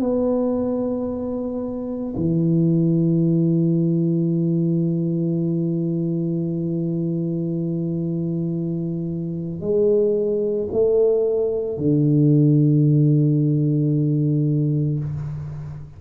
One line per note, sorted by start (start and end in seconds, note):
0.00 2.14 B3
2.16 9.61 E3
9.61 10.68 G#3
10.72 11.78 A3
11.78 14.99 D3